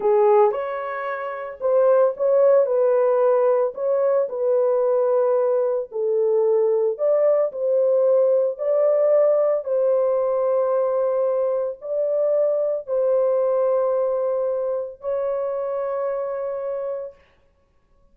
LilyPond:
\new Staff \with { instrumentName = "horn" } { \time 4/4 \tempo 4 = 112 gis'4 cis''2 c''4 | cis''4 b'2 cis''4 | b'2. a'4~ | a'4 d''4 c''2 |
d''2 c''2~ | c''2 d''2 | c''1 | cis''1 | }